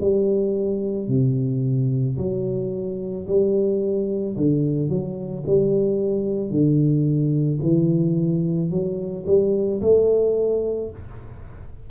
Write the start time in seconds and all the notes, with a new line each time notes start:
0.00 G3
1.08 C3
2.17 F#3
3.27 G3
4.36 D3
4.89 F#3
5.46 G3
6.50 D3
7.62 E3
8.70 F#3
9.26 G3
9.81 A3